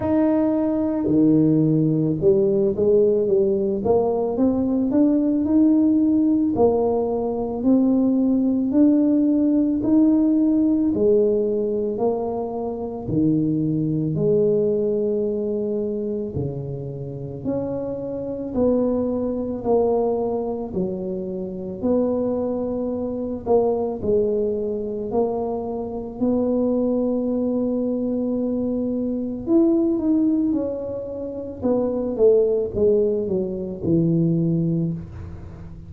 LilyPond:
\new Staff \with { instrumentName = "tuba" } { \time 4/4 \tempo 4 = 55 dis'4 dis4 g8 gis8 g8 ais8 | c'8 d'8 dis'4 ais4 c'4 | d'4 dis'4 gis4 ais4 | dis4 gis2 cis4 |
cis'4 b4 ais4 fis4 | b4. ais8 gis4 ais4 | b2. e'8 dis'8 | cis'4 b8 a8 gis8 fis8 e4 | }